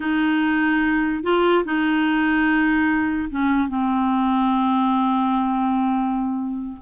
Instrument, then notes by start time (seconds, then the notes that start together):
clarinet
0.00 D#4
1.23 F4
1.64 D#4
3.30 C#4
3.68 C4